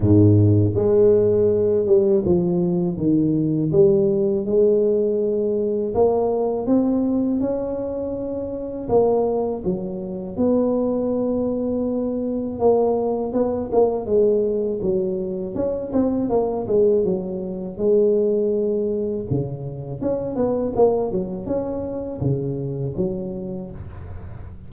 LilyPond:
\new Staff \with { instrumentName = "tuba" } { \time 4/4 \tempo 4 = 81 gis,4 gis4. g8 f4 | dis4 g4 gis2 | ais4 c'4 cis'2 | ais4 fis4 b2~ |
b4 ais4 b8 ais8 gis4 | fis4 cis'8 c'8 ais8 gis8 fis4 | gis2 cis4 cis'8 b8 | ais8 fis8 cis'4 cis4 fis4 | }